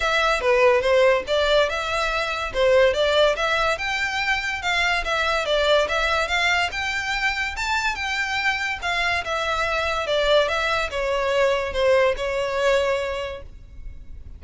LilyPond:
\new Staff \with { instrumentName = "violin" } { \time 4/4 \tempo 4 = 143 e''4 b'4 c''4 d''4 | e''2 c''4 d''4 | e''4 g''2 f''4 | e''4 d''4 e''4 f''4 |
g''2 a''4 g''4~ | g''4 f''4 e''2 | d''4 e''4 cis''2 | c''4 cis''2. | }